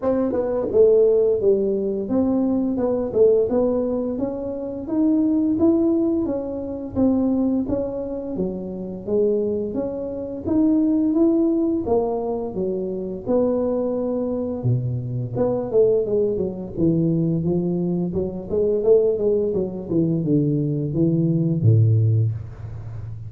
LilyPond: \new Staff \with { instrumentName = "tuba" } { \time 4/4 \tempo 4 = 86 c'8 b8 a4 g4 c'4 | b8 a8 b4 cis'4 dis'4 | e'4 cis'4 c'4 cis'4 | fis4 gis4 cis'4 dis'4 |
e'4 ais4 fis4 b4~ | b4 b,4 b8 a8 gis8 fis8 | e4 f4 fis8 gis8 a8 gis8 | fis8 e8 d4 e4 a,4 | }